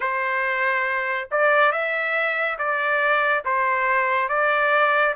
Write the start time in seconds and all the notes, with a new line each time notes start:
0.00 C5
1.31 D5
1.72 E5
2.58 D5
3.44 C5
4.29 D5